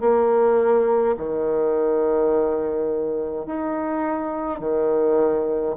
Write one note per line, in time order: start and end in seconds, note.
0.00 1.15 A#3
1.17 3.46 D#3
3.46 4.59 D#4
4.59 5.75 D#3